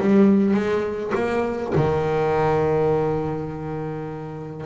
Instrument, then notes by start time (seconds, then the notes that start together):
double bass
0.00 G3
0.54 G#3
1.15 A#3
1.75 D#3